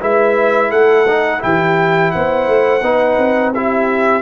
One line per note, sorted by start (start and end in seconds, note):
0.00 0.72 G#3
0.00 1.06 E4
0.00 0.69 B4
0.00 0.71 E5
0.69 1.42 A3
0.69 1.40 A4
0.69 1.42 F#5
1.08 1.39 D#4
1.39 2.14 E3
1.39 2.81 E4
1.39 2.14 G4
1.39 2.11 G5
2.11 2.47 B3
2.11 2.84 C5
2.11 3.52 F#5
2.47 2.82 A3
2.82 3.17 B3
2.82 3.54 D#4
2.82 3.54 B4
3.17 4.22 C4
3.54 4.22 E4
3.54 4.22 G4
3.54 4.22 E5